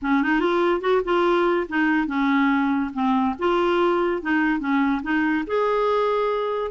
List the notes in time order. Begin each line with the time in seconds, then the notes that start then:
0.02 C#4
0.22 D#4
0.39 F4
0.80 F#4
1.04 F4
1.68 D#4
2.07 C#4
2.93 C4
3.38 F4
4.22 D#4
4.59 C#4
5.03 D#4
5.46 G#4